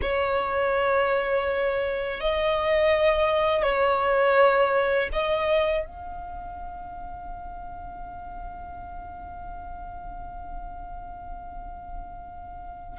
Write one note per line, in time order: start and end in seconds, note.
0.01 2.20 C#5
2.20 3.63 D#5
3.63 5.09 C#5
5.12 5.85 D#5
5.85 12.98 F5